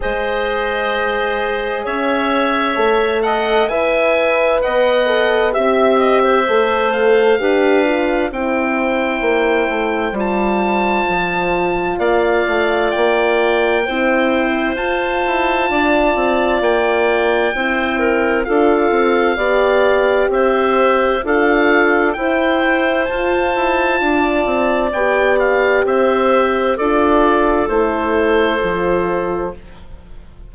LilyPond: <<
  \new Staff \with { instrumentName = "oboe" } { \time 4/4 \tempo 4 = 65 dis''2 e''4. fis''8 | gis''4 fis''4 e''4. f''8~ | f''4 g''2 a''4~ | a''4 f''4 g''2 |
a''2 g''2 | f''2 e''4 f''4 | g''4 a''2 g''8 f''8 | e''4 d''4 c''2 | }
  \new Staff \with { instrumentName = "clarinet" } { \time 4/4 c''2 cis''4. dis''8 | e''4 dis''4 e''8 dis''16 c''4~ c''16 | b'4 c''2.~ | c''4 d''2 c''4~ |
c''4 d''2 c''8 ais'8 | a'4 d''4 c''4 a'4 | c''2 d''2 | c''4 a'2. | }
  \new Staff \with { instrumentName = "horn" } { \time 4/4 gis'2. a'4 | b'4. a'8 g'4 a'4 | g'8 f'8 e'2 f'4~ | f'2. e'4 |
f'2. e'4 | f'4 g'2 f'4 | e'4 f'2 g'4~ | g'4 f'4 e'4 f'4 | }
  \new Staff \with { instrumentName = "bassoon" } { \time 4/4 gis2 cis'4 a4 | e'4 b4 c'4 a4 | d'4 c'4 ais8 a8 g4 | f4 ais8 a8 ais4 c'4 |
f'8 e'8 d'8 c'8 ais4 c'4 | d'8 c'8 b4 c'4 d'4 | e'4 f'8 e'8 d'8 c'8 b4 | c'4 d'4 a4 f4 | }
>>